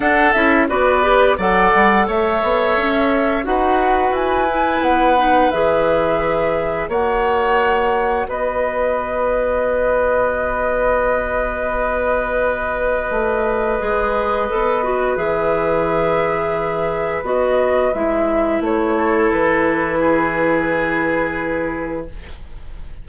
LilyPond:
<<
  \new Staff \with { instrumentName = "flute" } { \time 4/4 \tempo 4 = 87 fis''8 e''8 d''4 fis''4 e''4~ | e''4 fis''4 gis''4 fis''4 | e''2 fis''2 | dis''1~ |
dis''1~ | dis''2 e''2~ | e''4 dis''4 e''4 cis''4 | b'1 | }
  \new Staff \with { instrumentName = "oboe" } { \time 4/4 a'4 b'4 d''4 cis''4~ | cis''4 b'2.~ | b'2 cis''2 | b'1~ |
b'1~ | b'1~ | b'2.~ b'8 a'8~ | a'4 gis'2. | }
  \new Staff \with { instrumentName = "clarinet" } { \time 4/4 d'8 e'8 fis'8 g'8 a'2~ | a'4 fis'4. e'4 dis'8 | gis'2 fis'2~ | fis'1~ |
fis'1 | gis'4 a'8 fis'8 gis'2~ | gis'4 fis'4 e'2~ | e'1 | }
  \new Staff \with { instrumentName = "bassoon" } { \time 4/4 d'8 cis'8 b4 fis8 g8 a8 b8 | cis'4 dis'4 e'4 b4 | e2 ais2 | b1~ |
b2. a4 | gis4 b4 e2~ | e4 b4 gis4 a4 | e1 | }
>>